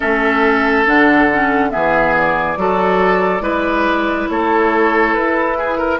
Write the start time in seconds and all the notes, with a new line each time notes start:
0.00 A3 C#4 A4 E5
0.86 D3 D4 F#5
1.32 C#4
1.70 E3 B3 G#4 E5
2.17 D5
2.56 F#3 F#4 A4
3.40 G#3 E4 B4
4.29 A3 A4 C#5
5.14 E4 B4
5.57 G#4
5.77 A#4